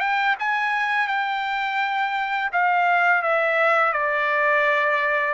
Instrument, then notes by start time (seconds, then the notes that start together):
trumpet
0.00 G5
0.39 G#5
1.07 G5
2.52 F5
3.23 E5
3.93 D5